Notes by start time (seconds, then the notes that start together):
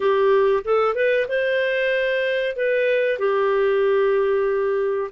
0.00 G4
0.64 A4
0.95 B4
1.28 C5
2.55 B4
3.18 G4